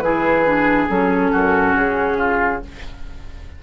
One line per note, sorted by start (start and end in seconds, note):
0.00 0.88 E3
0.00 0.46 E4
0.00 1.32 G#4
0.00 0.87 B4
0.46 0.89 D4
0.89 1.32 F#3
0.89 2.63 C#4
0.89 1.76 A4
1.32 1.76 F#2
1.32 2.18 F#4
1.76 2.63 C#3
1.76 2.63 G#4
2.18 2.62 F4